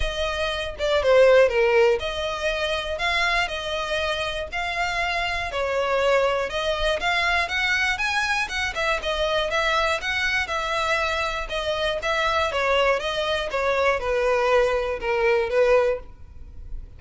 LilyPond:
\new Staff \with { instrumentName = "violin" } { \time 4/4 \tempo 4 = 120 dis''4. d''8 c''4 ais'4 | dis''2 f''4 dis''4~ | dis''4 f''2 cis''4~ | cis''4 dis''4 f''4 fis''4 |
gis''4 fis''8 e''8 dis''4 e''4 | fis''4 e''2 dis''4 | e''4 cis''4 dis''4 cis''4 | b'2 ais'4 b'4 | }